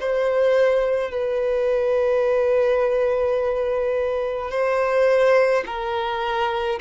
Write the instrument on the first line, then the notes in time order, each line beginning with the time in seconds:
violin
0.00 C5
1.11 B4
4.50 C5
5.66 A#4